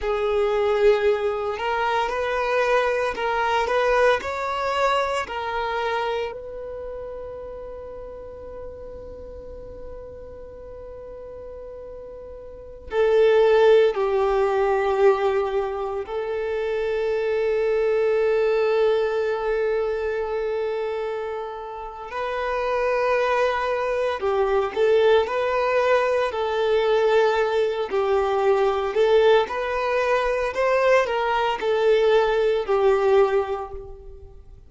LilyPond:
\new Staff \with { instrumentName = "violin" } { \time 4/4 \tempo 4 = 57 gis'4. ais'8 b'4 ais'8 b'8 | cis''4 ais'4 b'2~ | b'1~ | b'16 a'4 g'2 a'8.~ |
a'1~ | a'4 b'2 g'8 a'8 | b'4 a'4. g'4 a'8 | b'4 c''8 ais'8 a'4 g'4 | }